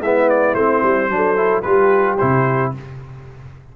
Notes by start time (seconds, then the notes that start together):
0.00 G#3 B3 E4 E5
0.30 D5
0.55 A3 C4 C5
0.83 G3
1.09 F#3 D4
1.15 A4
1.36 E4
1.62 G3 F4 G4 B4
2.18 C3 E4 C5